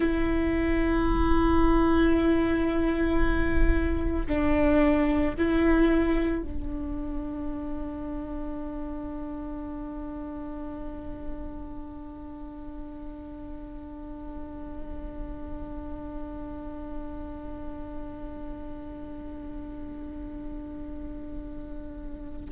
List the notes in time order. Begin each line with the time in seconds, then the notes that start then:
0.00 E4
4.27 D4
5.38 E4
6.42 D4